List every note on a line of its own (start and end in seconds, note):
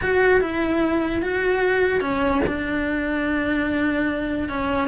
0.01 0.40 F#4
0.40 1.21 E4
1.22 2.00 F#4
2.00 2.41 C#4
2.46 4.49 D4
4.49 4.88 C#4